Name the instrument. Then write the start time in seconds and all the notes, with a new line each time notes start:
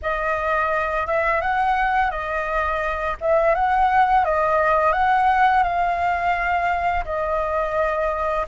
flute
0.02 D#5
1.07 E5
1.41 F#5
2.10 D#5
3.20 E5
3.55 F#5
4.24 D#5
4.92 F#5
5.63 F5
7.04 D#5